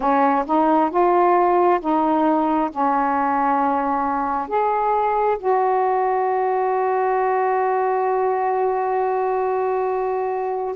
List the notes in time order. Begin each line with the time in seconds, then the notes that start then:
0.00 C#4
0.46 D#4
0.90 F4
1.80 D#4
2.71 C#4
4.48 G#4
5.38 F#4